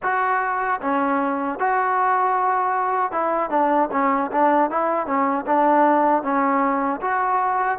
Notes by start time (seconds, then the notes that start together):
0.02 F#4
0.81 C#4
1.59 F#4
3.11 E4
3.50 D4
3.91 C#4
4.31 D4
4.70 E4
5.06 C#4
5.46 D4
6.22 C#4
7.01 F#4